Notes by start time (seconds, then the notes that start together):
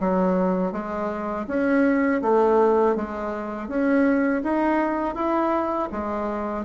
0.00 F#3
0.72 G#3
1.48 C#4
2.22 A3
2.96 G#3
3.68 C#4
4.43 D#4
5.15 E4
5.92 G#3